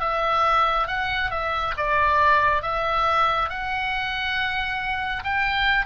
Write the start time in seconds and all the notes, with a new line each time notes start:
0.00 E5
0.87 F#5
1.30 E5
1.77 D5
2.62 E5
3.49 F#5
5.24 G5